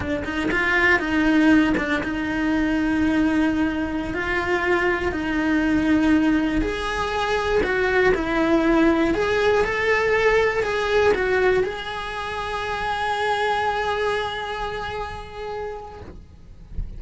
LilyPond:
\new Staff \with { instrumentName = "cello" } { \time 4/4 \tempo 4 = 120 d'8 dis'8 f'4 dis'4. d'8 | dis'1~ | dis'16 f'2 dis'4.~ dis'16~ | dis'4~ dis'16 gis'2 fis'8.~ |
fis'16 e'2 gis'4 a'8.~ | a'4~ a'16 gis'4 fis'4 gis'8.~ | gis'1~ | gis'1 | }